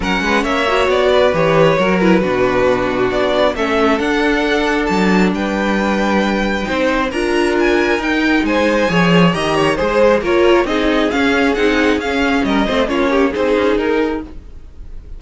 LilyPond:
<<
  \new Staff \with { instrumentName = "violin" } { \time 4/4 \tempo 4 = 135 fis''4 e''4 d''4 cis''4~ | cis''8 b'2~ b'8 d''4 | e''4 fis''2 a''4 | g''1 |
ais''4 gis''4 g''4 gis''4~ | gis''4 ais''4 c''4 cis''4 | dis''4 f''4 fis''4 f''4 | dis''4 cis''4 c''4 ais'4 | }
  \new Staff \with { instrumentName = "violin" } { \time 4/4 ais'8 b'8 cis''4. b'4. | ais'4 fis'2. | a'1 | b'2. c''4 |
ais'2. c''4 | cis''4 dis''8 cis''8 c''4 ais'4 | gis'1 | ais'8 c''8 f'8 g'8 gis'2 | }
  \new Staff \with { instrumentName = "viola" } { \time 4/4 cis'4. fis'4. g'4 | fis'8 e'8 d'2. | cis'4 d'2.~ | d'2. dis'4 |
f'2 dis'2 | gis'4 g'4 gis'4 f'4 | dis'4 cis'4 dis'4 cis'4~ | cis'8 c'8 cis'4 dis'2 | }
  \new Staff \with { instrumentName = "cello" } { \time 4/4 fis8 gis8 ais4 b4 e4 | fis4 b,2 b4 | a4 d'2 fis4 | g2. c'4 |
d'2 dis'4 gis4 | f4 dis4 gis4 ais4 | c'4 cis'4 c'4 cis'4 | g8 a8 ais4 c'8 cis'8 dis'4 | }
>>